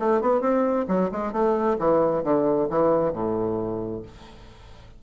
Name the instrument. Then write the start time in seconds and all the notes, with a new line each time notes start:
bassoon
0.00 A3
0.22 B3
0.41 C4
0.89 F#3
1.12 G#3
1.33 A3
1.80 E3
2.24 D3
2.70 E3
3.13 A2